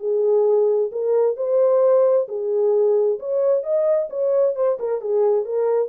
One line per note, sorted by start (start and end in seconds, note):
0.00 0.91 G#4
0.92 1.37 A#4
1.37 2.28 C5
2.29 3.20 G#4
3.20 3.64 C#5
3.64 4.09 D#5
4.10 4.56 C#5
4.56 4.79 C5
4.80 5.01 A#4
5.01 5.45 G#4
5.45 5.89 A#4